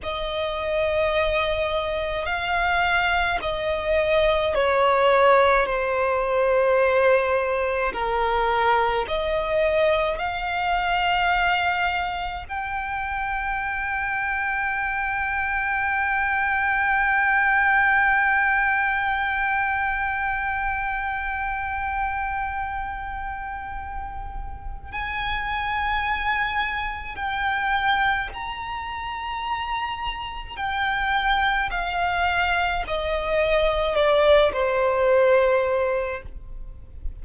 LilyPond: \new Staff \with { instrumentName = "violin" } { \time 4/4 \tempo 4 = 53 dis''2 f''4 dis''4 | cis''4 c''2 ais'4 | dis''4 f''2 g''4~ | g''1~ |
g''1~ | g''2 gis''2 | g''4 ais''2 g''4 | f''4 dis''4 d''8 c''4. | }